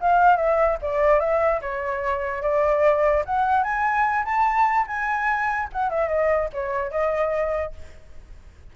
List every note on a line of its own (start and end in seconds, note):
0.00 0.36 F5
0.36 0.77 E5
0.81 1.20 D5
1.20 1.60 E5
1.61 2.42 C#5
2.42 3.24 D5
3.25 3.63 F#5
3.63 4.24 G#5
4.25 4.86 A5
4.87 5.68 G#5
5.72 5.90 F#5
5.90 6.08 E5
6.08 6.49 D#5
6.53 6.91 C#5
6.91 7.72 D#5